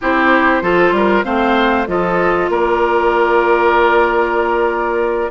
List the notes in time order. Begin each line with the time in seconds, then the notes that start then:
0.01 C4 E4 G4 C5
0.62 F3 F4 A4
0.91 G3 A#4
1.24 A3 C4 C5 F5
1.86 F3 F4 A4 D#5
2.49 A#3 A#4 D5